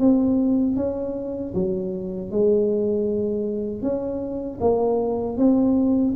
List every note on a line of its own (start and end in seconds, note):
0.00 0.77 C4
0.77 1.54 C#4
1.55 2.31 F#3
2.31 3.83 G#3
3.83 4.60 C#4
4.61 5.38 A#3
5.38 6.15 C4